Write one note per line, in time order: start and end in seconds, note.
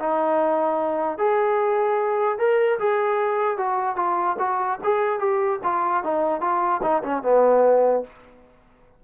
0.00 1.18 D#4
1.18 2.39 G#4
2.39 2.79 A#4
2.80 3.58 G#4
3.58 3.96 F#4
3.96 4.37 F4
4.39 4.79 F#4
4.84 5.20 G#4
5.20 5.60 G4
5.64 6.04 F4
6.04 6.41 D#4
6.41 6.82 F4
6.83 7.03 D#4
7.03 7.23 C#4
7.23 8.04 B3